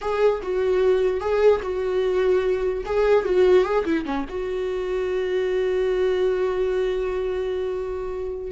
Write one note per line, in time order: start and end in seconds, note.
0.01 0.41 G#4
0.42 1.20 F#4
1.20 1.61 G#4
1.62 2.84 F#4
2.85 3.24 G#4
3.24 3.64 F#4
3.64 3.84 G#4
3.85 4.05 E4
4.05 4.25 C#4
4.28 8.51 F#4